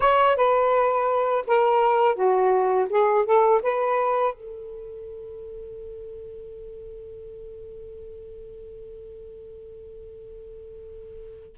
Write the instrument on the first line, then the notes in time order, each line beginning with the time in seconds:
saxophone
0.00 C#5
0.36 B4
1.47 A#4
2.15 F#4
2.89 G#4
3.25 A4
3.62 B4
4.34 A4